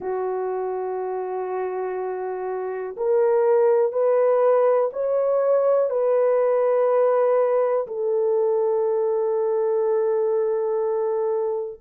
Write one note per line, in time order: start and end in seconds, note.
0.00 2.96 F#4
2.96 3.92 A#4
3.92 4.90 B4
4.92 5.90 C#5
5.90 7.86 B4
7.87 11.80 A4